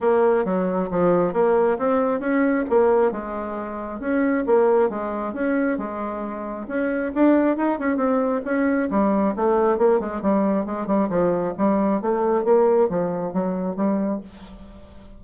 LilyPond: \new Staff \with { instrumentName = "bassoon" } { \time 4/4 \tempo 4 = 135 ais4 fis4 f4 ais4 | c'4 cis'4 ais4 gis4~ | gis4 cis'4 ais4 gis4 | cis'4 gis2 cis'4 |
d'4 dis'8 cis'8 c'4 cis'4 | g4 a4 ais8 gis8 g4 | gis8 g8 f4 g4 a4 | ais4 f4 fis4 g4 | }